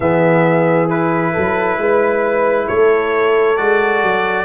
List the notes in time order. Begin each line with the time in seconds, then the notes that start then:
0.00 E3 B3 G#4 E5
0.89 E4 B4
1.33 F#3 A4
1.77 G#3 B4
2.67 A3 A4 C#5
3.57 G#3 F#4 D5
4.02 F#3